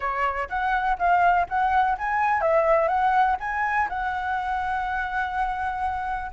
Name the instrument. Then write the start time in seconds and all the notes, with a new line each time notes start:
flute
0.00 C#5
0.49 F#5
0.98 F5
1.48 F#5
1.98 G#5
2.41 E5
2.88 F#5
3.40 G#5
3.89 F#5